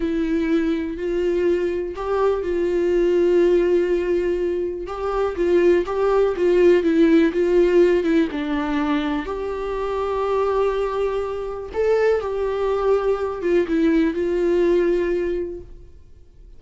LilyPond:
\new Staff \with { instrumentName = "viola" } { \time 4/4 \tempo 4 = 123 e'2 f'2 | g'4 f'2.~ | f'2 g'4 f'4 | g'4 f'4 e'4 f'4~ |
f'8 e'8 d'2 g'4~ | g'1 | a'4 g'2~ g'8 f'8 | e'4 f'2. | }